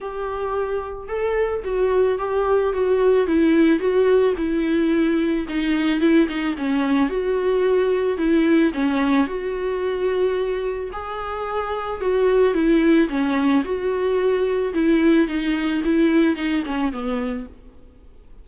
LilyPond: \new Staff \with { instrumentName = "viola" } { \time 4/4 \tempo 4 = 110 g'2 a'4 fis'4 | g'4 fis'4 e'4 fis'4 | e'2 dis'4 e'8 dis'8 | cis'4 fis'2 e'4 |
cis'4 fis'2. | gis'2 fis'4 e'4 | cis'4 fis'2 e'4 | dis'4 e'4 dis'8 cis'8 b4 | }